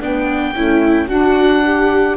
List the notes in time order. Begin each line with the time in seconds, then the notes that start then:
0.00 B3 D4 G5
0.54 A3 C#4 E4
1.07 D4 F#4 F#5
1.65 G4